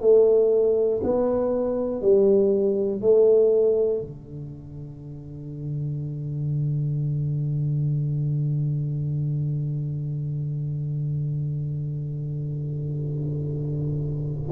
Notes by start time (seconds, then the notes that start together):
0.00 A3
1.03 B3
2.01 G3
3.00 A3
4.01 D3